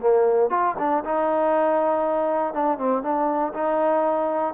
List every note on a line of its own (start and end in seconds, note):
0.00 0.50 A#3
0.50 0.75 F4
0.79 1.04 D4
1.04 2.54 D#4
2.54 2.78 D4
2.78 3.02 C4
3.02 3.53 D4
3.54 4.54 D#4